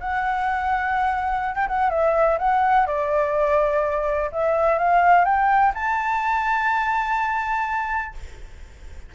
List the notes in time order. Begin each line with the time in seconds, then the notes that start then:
0.00 F#5
1.55 G5
1.67 F#5
1.90 E5
2.38 F#5
2.86 D5
4.32 E5
4.78 F5
5.25 G5
5.74 A5